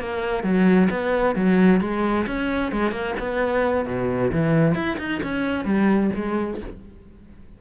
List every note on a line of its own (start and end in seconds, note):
0.00 0.43 A#3
0.43 0.89 F#3
0.90 1.35 B3
1.35 1.81 F#3
1.81 2.26 G#3
2.27 2.72 C#4
2.72 2.92 G#3
2.92 3.14 A#3
3.19 3.86 B3
3.86 4.32 B2
4.32 4.75 E3
4.75 4.98 E4
4.99 5.21 D#4
5.23 5.65 C#4
5.65 6.11 G3
6.16 6.61 G#3